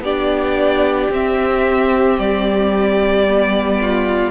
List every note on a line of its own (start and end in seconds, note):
0.00 1.07 B3
0.00 1.12 D4
0.00 3.78 G4
0.00 1.11 D5
1.10 2.17 C4
1.10 3.26 C4
1.10 2.19 E5
2.18 4.31 G3
2.18 4.31 D5
3.27 4.31 B3
3.81 4.31 F4